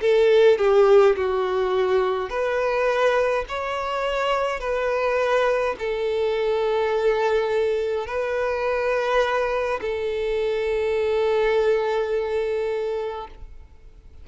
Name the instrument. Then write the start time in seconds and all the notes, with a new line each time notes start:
violin
0.00 A4
0.58 G4
1.15 F#4
2.29 B4
3.48 C#5
4.60 B4
5.78 A4
8.07 B4
9.81 A4